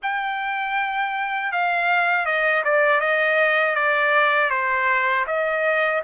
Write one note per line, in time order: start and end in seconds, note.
0.02 1.51 G5
1.51 2.25 F5
2.25 2.62 D#5
2.64 3.00 D5
3.00 3.75 D#5
3.75 4.50 D5
4.50 5.25 C5
5.26 6.01 D#5